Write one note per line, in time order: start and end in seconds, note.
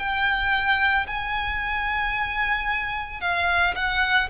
0.00 1.07 G5
1.07 3.21 G#5
3.21 3.75 F5
3.75 4.29 F#5